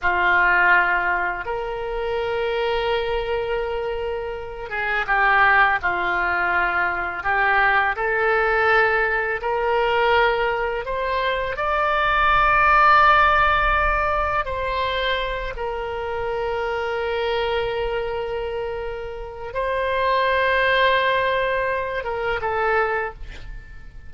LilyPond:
\new Staff \with { instrumentName = "oboe" } { \time 4/4 \tempo 4 = 83 f'2 ais'2~ | ais'2~ ais'8 gis'8 g'4 | f'2 g'4 a'4~ | a'4 ais'2 c''4 |
d''1 | c''4. ais'2~ ais'8~ | ais'2. c''4~ | c''2~ c''8 ais'8 a'4 | }